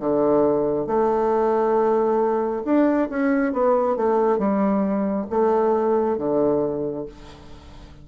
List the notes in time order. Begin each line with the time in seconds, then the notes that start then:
0.00 D3
0.87 A3
2.65 D4
3.10 C#4
3.53 B3
3.97 A3
4.39 G3
5.30 A3
6.18 D3